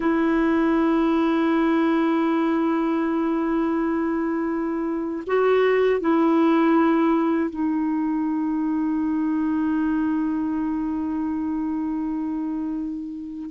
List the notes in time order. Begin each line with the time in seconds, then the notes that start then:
0.00 E4
5.26 F#4
6.00 E4
7.50 D#4